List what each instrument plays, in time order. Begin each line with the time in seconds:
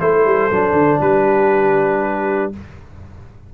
0.00 tuba A3, trombone E4, horn A4, trumpet C5
0.25 tuba G3
0.51 tuba F#3, trombone D4
0.72 tuba D3
1.00 tuba G3, horn G4, trumpet B4